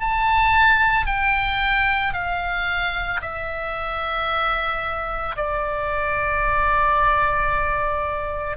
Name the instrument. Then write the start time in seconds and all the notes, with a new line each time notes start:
oboe
0.00 A5
1.07 G5
2.14 F5
3.21 E5
5.36 D5